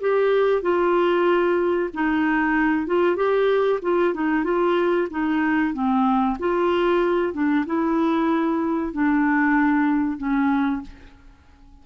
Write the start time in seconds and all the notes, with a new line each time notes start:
0.00 G4
0.62 F4
1.93 D#4
2.86 F4
3.16 G4
3.82 F4
4.14 D#4
4.44 F4
5.10 D#4
5.73 C4
6.39 F4
7.33 D4
7.66 E4
8.93 D4
10.18 C#4